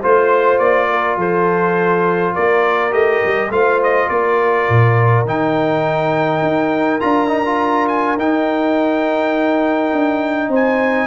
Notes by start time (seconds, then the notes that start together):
0.00 A3 F4 C5
0.58 A#3 D5
0.90 A#4
1.16 F3 A4 C5
2.33 A#3 A#4 D5
2.91 A3 G4 D#5
3.24 G3
3.50 A3 F4 C5 F5
3.83 D#5
4.08 A#3 A#4 D5
4.69 A#2
5.25 D#3 D#4 G5
6.42 D#4
7.00 D4 F4 A#5
7.27 D#4
7.45 F4
7.88 G#5
8.16 D#4 G5
9.92 D4
10.48 C4 C5
10.54 G#5